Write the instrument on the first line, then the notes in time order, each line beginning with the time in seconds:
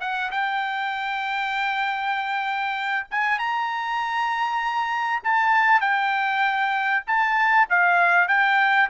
trumpet
0.00 F#5
0.31 G5
3.11 G#5
3.38 A#5
5.23 A5
5.81 G5
7.07 A5
7.69 F5
8.27 G5